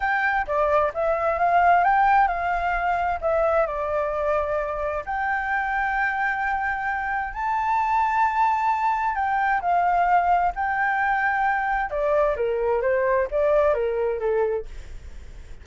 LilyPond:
\new Staff \with { instrumentName = "flute" } { \time 4/4 \tempo 4 = 131 g''4 d''4 e''4 f''4 | g''4 f''2 e''4 | d''2. g''4~ | g''1 |
a''1 | g''4 f''2 g''4~ | g''2 d''4 ais'4 | c''4 d''4 ais'4 a'4 | }